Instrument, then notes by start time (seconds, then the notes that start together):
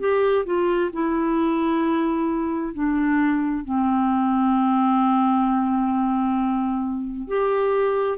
clarinet
0.00 G4
0.45 F4
0.93 E4
2.74 D4
3.64 C4
7.28 G4